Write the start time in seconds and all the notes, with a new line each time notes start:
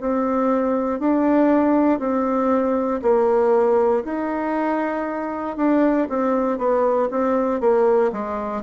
0.00 C4
0.99 D4
1.99 C4
3.01 A#3
4.04 D#4
5.57 D4
6.09 C4
6.58 B3
7.10 C4
7.60 A#3
8.12 G#3